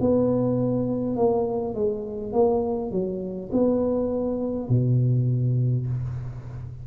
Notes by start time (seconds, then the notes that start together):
0.00 B3
1.16 A#3
1.74 G#3
2.33 A#3
2.91 F#3
3.52 B3
4.69 B2